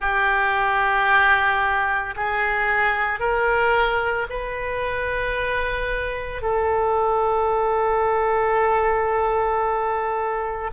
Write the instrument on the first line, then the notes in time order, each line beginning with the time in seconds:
oboe
0.00 G4
2.15 G#4
3.19 A#4
4.29 B4
6.41 A4